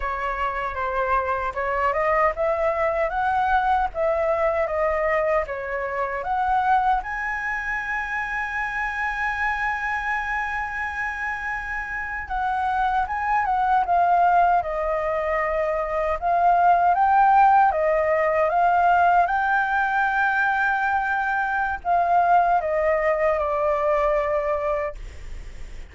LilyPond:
\new Staff \with { instrumentName = "flute" } { \time 4/4 \tempo 4 = 77 cis''4 c''4 cis''8 dis''8 e''4 | fis''4 e''4 dis''4 cis''4 | fis''4 gis''2.~ | gis''2.~ gis''8. fis''16~ |
fis''8. gis''8 fis''8 f''4 dis''4~ dis''16~ | dis''8. f''4 g''4 dis''4 f''16~ | f''8. g''2.~ g''16 | f''4 dis''4 d''2 | }